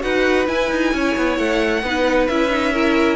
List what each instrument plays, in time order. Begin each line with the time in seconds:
0.00 cello D#4, viola F#4, violin B4 F#5
0.47 viola E4, cello E4, violin G#5
0.71 cello D#4
0.93 cello C#4, violin C#5
1.16 cello B3
1.37 cello A3, violin F#5
1.82 cello B3, viola D#4, violin B4
2.27 cello C#4, viola E4, violin E5
2.50 viola D#4
2.72 viola E4, violin A#4